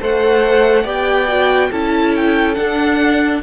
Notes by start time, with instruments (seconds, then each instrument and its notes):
0.00 cello A3, viola A4, violin C5 F#5
0.83 cello B3, viola G4, violin D5 G5
1.27 viola F#4
1.70 cello C#4, viola E4, violin A4 A5
2.15 violin G5
2.54 viola D4, cello D4, violin F#5